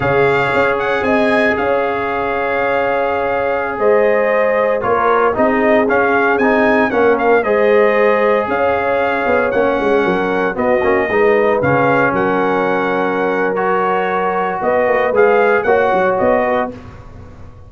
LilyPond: <<
  \new Staff \with { instrumentName = "trumpet" } { \time 4/4 \tempo 4 = 115 f''4. fis''8 gis''4 f''4~ | f''2.~ f''16 dis''8.~ | dis''4~ dis''16 cis''4 dis''4 f''8.~ | f''16 gis''4 fis''8 f''8 dis''4.~ dis''16~ |
dis''16 f''2 fis''4.~ fis''16~ | fis''16 dis''2 f''4 fis''8.~ | fis''2 cis''2 | dis''4 f''4 fis''4 dis''4 | }
  \new Staff \with { instrumentName = "horn" } { \time 4/4 cis''2 dis''4 cis''4~ | cis''2.~ cis''16 c''8.~ | c''4~ c''16 ais'4 gis'4.~ gis'16~ | gis'4~ gis'16 ais'4 c''4.~ c''16~ |
c''16 cis''2. ais'8.~ | ais'16 fis'4 b'2 ais'8.~ | ais'1 | b'2 cis''4. b'8 | }
  \new Staff \with { instrumentName = "trombone" } { \time 4/4 gis'1~ | gis'1~ | gis'4~ gis'16 f'4 dis'4 cis'8.~ | cis'16 dis'4 cis'4 gis'4.~ gis'16~ |
gis'2~ gis'16 cis'4.~ cis'16~ | cis'16 b8 cis'8 dis'4 cis'4.~ cis'16~ | cis'2 fis'2~ | fis'4 gis'4 fis'2 | }
  \new Staff \with { instrumentName = "tuba" } { \time 4/4 cis4 cis'4 c'4 cis'4~ | cis'2.~ cis'16 gis8.~ | gis4~ gis16 ais4 c'4 cis'8.~ | cis'16 c'4 ais4 gis4.~ gis16~ |
gis16 cis'4. b8 ais8 gis8 fis8.~ | fis16 b8 ais8 gis4 cis4 fis8.~ | fis1 | b8 ais8 gis4 ais8 fis8 b4 | }
>>